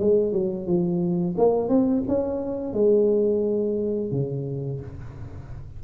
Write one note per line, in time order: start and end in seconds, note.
0.00 0.33 G#3
0.33 0.67 F#3
0.67 1.36 F3
1.38 1.69 A#3
1.69 2.03 C4
2.08 2.74 C#4
2.74 4.12 G#3
4.12 4.81 C#3